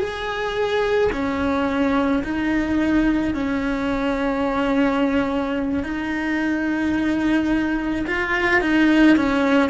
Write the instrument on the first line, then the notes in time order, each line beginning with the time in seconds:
cello
0.00 G#4
1.13 C#4
2.24 D#4
3.34 C#4
5.84 D#4
8.07 F4
8.61 D#4
9.17 C#4